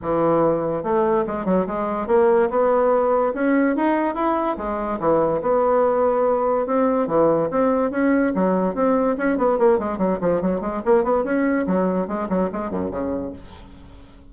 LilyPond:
\new Staff \with { instrumentName = "bassoon" } { \time 4/4 \tempo 4 = 144 e2 a4 gis8 fis8 | gis4 ais4 b2 | cis'4 dis'4 e'4 gis4 | e4 b2. |
c'4 e4 c'4 cis'4 | fis4 c'4 cis'8 b8 ais8 gis8 | fis8 f8 fis8 gis8 ais8 b8 cis'4 | fis4 gis8 fis8 gis8 fis,8 cis4 | }